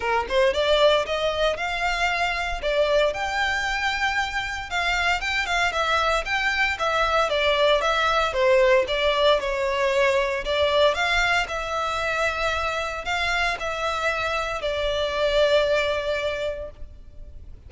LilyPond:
\new Staff \with { instrumentName = "violin" } { \time 4/4 \tempo 4 = 115 ais'8 c''8 d''4 dis''4 f''4~ | f''4 d''4 g''2~ | g''4 f''4 g''8 f''8 e''4 | g''4 e''4 d''4 e''4 |
c''4 d''4 cis''2 | d''4 f''4 e''2~ | e''4 f''4 e''2 | d''1 | }